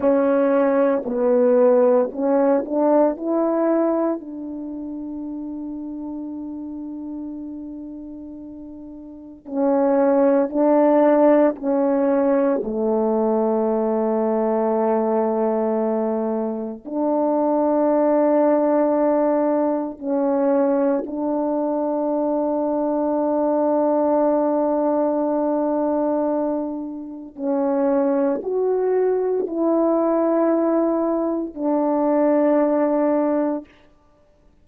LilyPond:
\new Staff \with { instrumentName = "horn" } { \time 4/4 \tempo 4 = 57 cis'4 b4 cis'8 d'8 e'4 | d'1~ | d'4 cis'4 d'4 cis'4 | a1 |
d'2. cis'4 | d'1~ | d'2 cis'4 fis'4 | e'2 d'2 | }